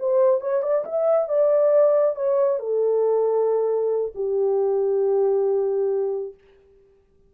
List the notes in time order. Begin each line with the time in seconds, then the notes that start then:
0.00 C5
0.41 C#5
0.63 D5
0.85 E5
1.29 D5
2.16 C#5
2.59 A4
4.15 G4